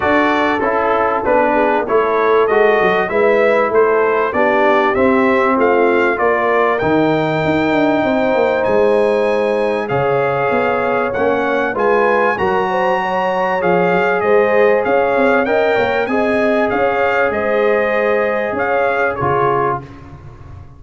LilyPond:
<<
  \new Staff \with { instrumentName = "trumpet" } { \time 4/4 \tempo 4 = 97 d''4 a'4 b'4 cis''4 | dis''4 e''4 c''4 d''4 | e''4 f''4 d''4 g''4~ | g''2 gis''2 |
f''2 fis''4 gis''4 | ais''2 f''4 dis''4 | f''4 g''4 gis''4 f''4 | dis''2 f''4 cis''4 | }
  \new Staff \with { instrumentName = "horn" } { \time 4/4 a'2~ a'8 gis'8 a'4~ | a'4 b'4 a'4 g'4~ | g'4 f'4 ais'2~ | ais'4 c''2. |
cis''2. b'4 | ais'8 c''8 cis''2 c''4 | cis''4 dis''8 cis''8 dis''4 cis''4 | c''2 cis''4 gis'4 | }
  \new Staff \with { instrumentName = "trombone" } { \time 4/4 fis'4 e'4 d'4 e'4 | fis'4 e'2 d'4 | c'2 f'4 dis'4~ | dis'1 |
gis'2 cis'4 f'4 | fis'2 gis'2~ | gis'4 ais'4 gis'2~ | gis'2. f'4 | }
  \new Staff \with { instrumentName = "tuba" } { \time 4/4 d'4 cis'4 b4 a4 | gis8 fis8 gis4 a4 b4 | c'4 a4 ais4 dis4 | dis'8 d'8 c'8 ais8 gis2 |
cis4 b4 ais4 gis4 | fis2 f8 fis8 gis4 | cis'8 c'8 cis'8 ais8 c'4 cis'4 | gis2 cis'4 cis4 | }
>>